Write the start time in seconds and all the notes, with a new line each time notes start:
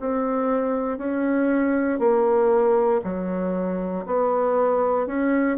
0.00 C4
0.98 C#4
1.99 A#3
3.04 F#3
4.06 B3
5.07 C#4